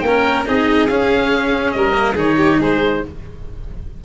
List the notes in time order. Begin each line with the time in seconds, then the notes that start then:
0.00 A#3 C#4 A#4 G5
0.45 C4 D#4 G#4 D#5
0.87 C#4 F5
1.71 G3 A#4 D#5
1.92 A#3
2.14 D#3 D#4 G#4 C#5
2.37 G4
2.58 G#3 G#4 C5